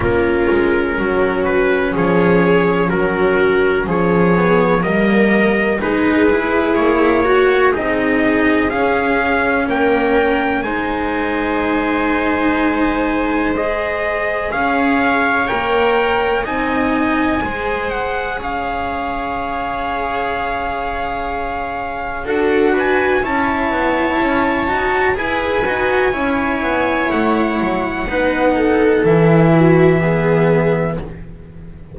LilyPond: <<
  \new Staff \with { instrumentName = "trumpet" } { \time 4/4 \tempo 4 = 62 ais'4. b'8 cis''4 ais'4 | cis''4 dis''4 b'4 cis''4 | dis''4 f''4 g''4 gis''4~ | gis''2 dis''4 f''4 |
g''4 gis''4. fis''8 f''4~ | f''2. fis''8 gis''8 | a''2 gis''2 | fis''2 e''2 | }
  \new Staff \with { instrumentName = "viola" } { \time 4/4 f'4 fis'4 gis'4 fis'4 | gis'4 ais'4 gis'4. fis'8 | gis'2 ais'4 c''4~ | c''2. cis''4~ |
cis''4 dis''4 c''4 cis''4~ | cis''2. a'8 b'8 | cis''2 b'4 cis''4~ | cis''4 b'8 a'4 fis'8 gis'4 | }
  \new Staff \with { instrumentName = "cello" } { \time 4/4 cis'1~ | cis'8 b8 ais4 dis'8 e'4 fis'8 | dis'4 cis'2 dis'4~ | dis'2 gis'2 |
ais'4 dis'4 gis'2~ | gis'2. fis'4 | e'4. fis'8 gis'8 fis'8 e'4~ | e'4 dis'4 e'4 b4 | }
  \new Staff \with { instrumentName = "double bass" } { \time 4/4 ais8 gis8 fis4 f4 fis4 | f4 g4 gis4 ais4 | c'4 cis'4 ais4 gis4~ | gis2. cis'4 |
ais4 c'4 gis4 cis'4~ | cis'2. d'4 | cis'8 b8 cis'8 dis'8 e'8 dis'8 cis'8 b8 | a8 fis8 b4 e2 | }
>>